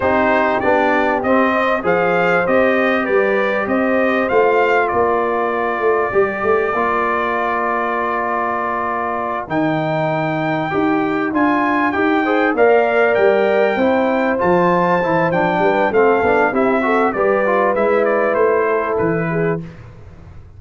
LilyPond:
<<
  \new Staff \with { instrumentName = "trumpet" } { \time 4/4 \tempo 4 = 98 c''4 d''4 dis''4 f''4 | dis''4 d''4 dis''4 f''4 | d''1~ | d''2.~ d''8 g''8~ |
g''2~ g''8 gis''4 g''8~ | g''8 f''4 g''2 a''8~ | a''4 g''4 f''4 e''4 | d''4 e''8 d''8 c''4 b'4 | }
  \new Staff \with { instrumentName = "horn" } { \time 4/4 g'2~ g'8 dis''8 c''4~ | c''4 b'4 c''2 | ais'1~ | ais'1~ |
ais'1 | c''8 d''2 c''4.~ | c''4. b'8 a'4 g'8 a'8 | b'2~ b'8 a'4 gis'8 | }
  \new Staff \with { instrumentName = "trombone" } { \time 4/4 dis'4 d'4 c'4 gis'4 | g'2. f'4~ | f'2 g'4 f'4~ | f'2.~ f'8 dis'8~ |
dis'4. g'4 f'4 g'8 | gis'8 ais'2 e'4 f'8~ | f'8 e'8 d'4 c'8 d'8 e'8 fis'8 | g'8 f'8 e'2. | }
  \new Staff \with { instrumentName = "tuba" } { \time 4/4 c'4 b4 c'4 f4 | c'4 g4 c'4 a4 | ais4. a8 g8 a8 ais4~ | ais2.~ ais8 dis8~ |
dis4. dis'4 d'4 dis'8~ | dis'8 ais4 g4 c'4 f8~ | f8 e8 f8 g8 a8 b8 c'4 | g4 gis4 a4 e4 | }
>>